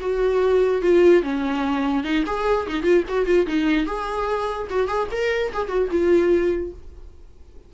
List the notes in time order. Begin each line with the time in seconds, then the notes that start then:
0.00 F#4
0.82 F4
1.23 C#4
2.04 D#4
2.26 G#4
2.67 D#4
2.83 F4
3.08 F#4
3.26 F4
3.47 D#4
3.86 G#4
4.70 F#4
4.88 G#4
5.11 A#4
5.53 G#4
5.68 F#4
5.91 F4